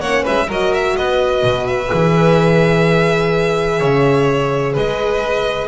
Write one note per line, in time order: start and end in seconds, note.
0.00 0.25 A#3
0.00 0.49 C#4
0.00 0.23 C#5
0.00 0.24 F#5
0.23 0.48 G#3
0.23 0.46 B4
0.23 0.50 E5
0.48 0.96 F#3
0.48 1.88 F#4
0.48 0.95 A#4
0.48 0.73 D#5
0.73 0.96 E5
0.96 1.43 B3
0.96 3.79 B4
0.96 1.67 D#5
1.43 1.90 B2
1.67 4.74 E5
1.88 3.81 E3
1.88 5.66 G#4
3.79 4.76 C#3
3.79 4.73 C#5
4.73 5.68 G#3
4.73 5.67 B4
4.73 5.68 D#5